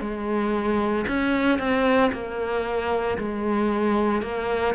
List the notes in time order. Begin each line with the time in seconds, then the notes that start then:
0.00 G#3
1.07 C#4
1.58 C4
2.12 A#3
3.18 G#3
4.22 A#3